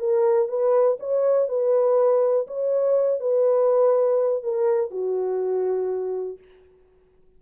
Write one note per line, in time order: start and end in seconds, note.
0.00 0.49 A#4
0.49 0.98 B4
1.00 1.49 C#5
1.49 2.47 B4
2.47 3.21 C#5
3.21 4.44 B4
4.44 4.91 A#4
4.91 6.38 F#4